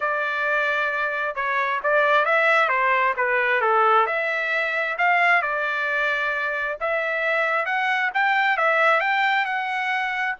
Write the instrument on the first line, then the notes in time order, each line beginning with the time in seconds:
trumpet
0.00 D5
1.35 C#5
1.83 D5
2.25 E5
2.68 C5
3.16 B4
3.61 A4
4.06 E5
4.97 F5
5.41 D5
6.80 E5
7.65 F#5
8.13 G5
8.57 E5
9.00 G5
9.45 F#5